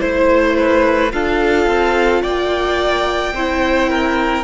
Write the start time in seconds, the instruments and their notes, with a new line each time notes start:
0.00 cello A3, viola E4, violin C5
0.57 violin B4
1.12 cello D4, viola F4, violin A4 F5
1.66 cello C4
2.22 cello A#3, violin D5 G5
3.33 cello C4, viola E4, violin C5
3.89 violin A#4